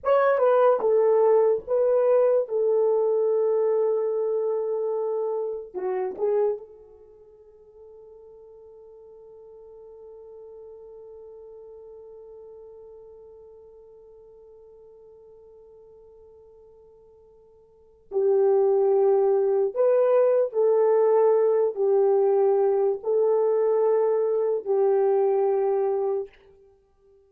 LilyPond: \new Staff \with { instrumentName = "horn" } { \time 4/4 \tempo 4 = 73 cis''8 b'8 a'4 b'4 a'4~ | a'2. fis'8 gis'8 | a'1~ | a'1~ |
a'1~ | a'2 g'2 | b'4 a'4. g'4. | a'2 g'2 | }